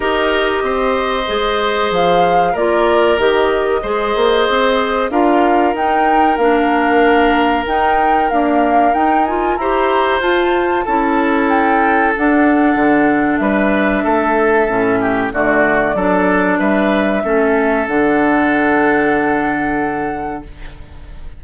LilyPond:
<<
  \new Staff \with { instrumentName = "flute" } { \time 4/4 \tempo 4 = 94 dis''2. f''4 | d''4 dis''2. | f''4 g''4 f''2 | g''4 f''4 g''8 gis''8 ais''4 |
a''2 g''4 fis''4~ | fis''4 e''2. | d''2 e''2 | fis''1 | }
  \new Staff \with { instrumentName = "oboe" } { \time 4/4 ais'4 c''2. | ais'2 c''2 | ais'1~ | ais'2. c''4~ |
c''4 a'2.~ | a'4 b'4 a'4. g'8 | fis'4 a'4 b'4 a'4~ | a'1 | }
  \new Staff \with { instrumentName = "clarinet" } { \time 4/4 g'2 gis'2 | f'4 g'4 gis'2 | f'4 dis'4 d'2 | dis'4 ais4 dis'8 f'8 g'4 |
f'4 e'2 d'4~ | d'2. cis'4 | a4 d'2 cis'4 | d'1 | }
  \new Staff \with { instrumentName = "bassoon" } { \time 4/4 dis'4 c'4 gis4 f4 | ais4 dis4 gis8 ais8 c'4 | d'4 dis'4 ais2 | dis'4 d'4 dis'4 e'4 |
f'4 cis'2 d'4 | d4 g4 a4 a,4 | d4 fis4 g4 a4 | d1 | }
>>